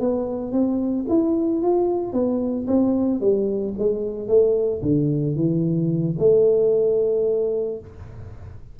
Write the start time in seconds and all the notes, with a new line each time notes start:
0.00 B3
0.52 C4
1.08 E4
1.62 F4
2.13 B3
2.67 C4
3.20 G3
3.78 G#3
4.28 A3
4.82 D3
5.35 E3
6.19 A3